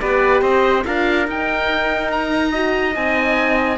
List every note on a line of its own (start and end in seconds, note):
0.00 0.41 B3
0.00 0.84 G4
0.00 0.42 B4
0.00 0.42 D5
0.41 0.83 C4
0.41 0.84 C5
0.41 0.84 D#5
0.85 1.27 D4
0.85 1.27 F4
0.85 2.51 A#4
0.85 1.27 F5
1.27 2.52 D#4
1.27 2.95 D#4
1.27 2.11 G5
2.11 2.95 A#5
2.51 2.93 F#4
2.51 3.77 D#5
2.93 3.78 C4
2.93 3.77 D#4
2.93 3.78 G#5